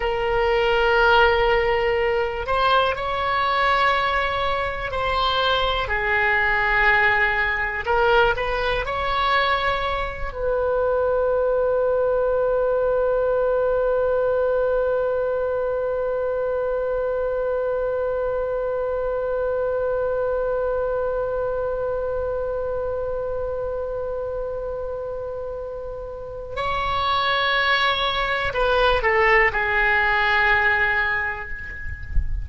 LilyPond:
\new Staff \with { instrumentName = "oboe" } { \time 4/4 \tempo 4 = 61 ais'2~ ais'8 c''8 cis''4~ | cis''4 c''4 gis'2 | ais'8 b'8 cis''4. b'4.~ | b'1~ |
b'1~ | b'1~ | b'2. cis''4~ | cis''4 b'8 a'8 gis'2 | }